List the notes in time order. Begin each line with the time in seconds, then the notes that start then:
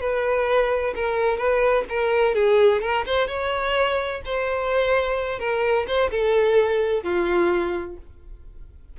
0.00 B4
0.95 A#4
1.37 B4
1.89 A#4
2.34 G#4
2.81 A#4
3.06 C5
3.27 C#5
4.25 C5
5.39 A#4
5.87 C5
6.11 A4
7.03 F4